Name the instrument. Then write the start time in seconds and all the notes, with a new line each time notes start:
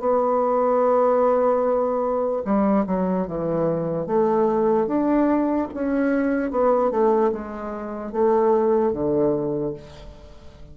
bassoon
0.00 B3
2.45 G3
2.87 F#3
3.27 E3
4.07 A3
4.87 D4
5.74 C#4
6.51 B3
6.91 A3
7.32 G#3
8.12 A3
8.93 D3